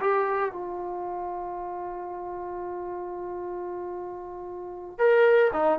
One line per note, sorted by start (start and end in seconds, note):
0.00 0.52 G4
0.52 4.98 F4
4.98 5.51 A#4
5.53 5.79 D#4